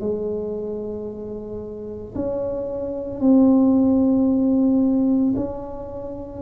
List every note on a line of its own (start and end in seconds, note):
0.00 2.14 G#3
2.15 3.20 C#4
3.20 5.35 C4
5.36 6.42 C#4